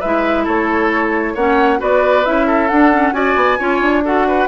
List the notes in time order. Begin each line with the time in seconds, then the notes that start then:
0.00 G#3 E4 B4 E5
0.44 A3 A4 C#5
1.35 A#3 C#4 C#5 F#5
1.79 B3 F#4 B4 D5
2.25 C#4 E4 E5
2.47 A4
2.69 D4 F#5
2.93 C#4
3.12 C#4 F#4 D5 G#5
3.36 B3
3.59 C#4 F4 C#5
3.81 D4
4.05 F#4 A4 F#5
4.28 B4